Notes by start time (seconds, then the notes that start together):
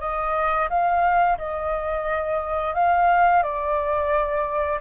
0.00 D#5
0.69 F5
1.38 D#5
2.74 F5
3.42 D5